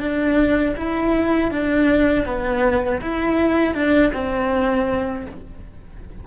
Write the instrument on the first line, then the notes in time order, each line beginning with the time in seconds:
cello
0.00 D4
0.76 E4
1.51 D4
2.26 B3
3.01 E4
3.74 D4
4.14 C4